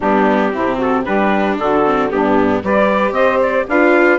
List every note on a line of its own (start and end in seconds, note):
0.00 0.54 G3
0.00 0.51 B3
0.00 0.51 D4
0.00 0.80 G4
0.51 1.07 C3
0.51 1.04 C4
0.51 0.76 E4
0.76 1.03 F#4
0.76 1.04 A4
1.04 1.58 G3
1.04 1.84 D4
1.04 1.58 G4
1.04 1.57 B4
1.58 2.11 D3
1.58 2.12 F#4
1.58 2.11 A4
1.85 2.10 C4
2.10 2.63 G2
2.10 2.62 B3
2.10 2.63 D4
2.10 2.63 G4
2.63 3.11 G3
2.63 3.68 G4
2.63 3.13 B4
2.63 3.13 D5
3.11 3.64 C4
3.11 3.66 C5
3.11 3.40 D#5
3.42 3.68 D5
3.68 4.19 D4
3.68 4.19 F4
3.68 4.19 B4
3.68 4.19 F5